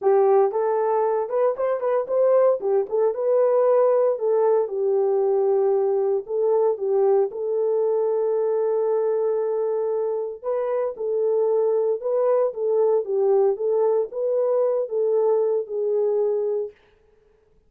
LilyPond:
\new Staff \with { instrumentName = "horn" } { \time 4/4 \tempo 4 = 115 g'4 a'4. b'8 c''8 b'8 | c''4 g'8 a'8 b'2 | a'4 g'2. | a'4 g'4 a'2~ |
a'1 | b'4 a'2 b'4 | a'4 g'4 a'4 b'4~ | b'8 a'4. gis'2 | }